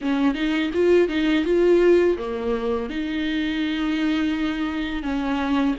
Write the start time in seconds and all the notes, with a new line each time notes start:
0.01 C#4
0.34 D#4
0.73 F4
1.08 D#4
1.45 F4
2.18 A#3
2.89 D#4
5.02 C#4